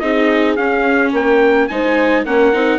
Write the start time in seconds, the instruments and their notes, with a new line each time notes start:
0.00 bassoon C4, viola D#4, horn G#4, trumpet D#5
0.56 bassoon C#4, viola C#4, trumpet F5
1.13 bassoon A#3, horn A#4, trumpet G5
1.68 bassoon G#3, viola D#4, horn C5, trumpet G#5
2.25 bassoon A#3, viola C#4, horn A#4, trumpet F#5
2.53 bassoon C4, viola D#4